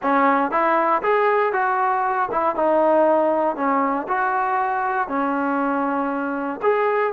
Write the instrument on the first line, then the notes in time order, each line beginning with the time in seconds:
trombone
0.02 C#4
0.51 E4
1.02 G#4
1.52 F#4
2.31 E4
2.55 D#4
3.55 C#4
4.08 F#4
5.08 C#4
6.62 G#4